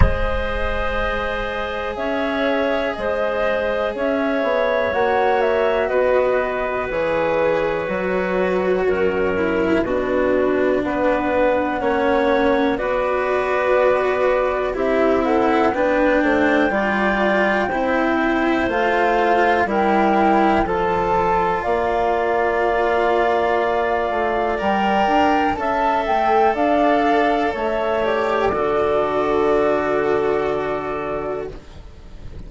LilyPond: <<
  \new Staff \with { instrumentName = "flute" } { \time 4/4 \tempo 4 = 61 dis''2 e''4 dis''4 | e''4 fis''8 e''8 dis''4 cis''4~ | cis''2 b'4 fis''4~ | fis''4 d''2 e''8 fis''8 |
g''2. f''4 | g''4 a''4 f''2~ | f''4 g''4 a''8 g''8 f''4 | e''8 d''2.~ d''8 | }
  \new Staff \with { instrumentName = "clarinet" } { \time 4/4 c''2 cis''4 c''4 | cis''2 b'2~ | b'4 ais'4 fis'4 b'4 | cis''4 b'2 g'8 a'8 |
b'8 c''8 d''4 c''2 | ais'4 a'4 d''2~ | d''2 e''4 d''4 | cis''4 a'2. | }
  \new Staff \with { instrumentName = "cello" } { \time 4/4 gis'1~ | gis'4 fis'2 gis'4 | fis'4. e'8 d'2 | cis'4 fis'2 e'4 |
d'4 f'4 e'4 f'4 | e'4 f'2.~ | f'4 ais'4 a'2~ | a'8 g'8 fis'2. | }
  \new Staff \with { instrumentName = "bassoon" } { \time 4/4 gis2 cis'4 gis4 | cis'8 b8 ais4 b4 e4 | fis4 fis,4 b,4 b4 | ais4 b2 c'4 |
b8 a8 g4 c'4 a4 | g4 f4 ais2~ | ais8 a8 g8 d'8 cis'8 a8 d'4 | a4 d2. | }
>>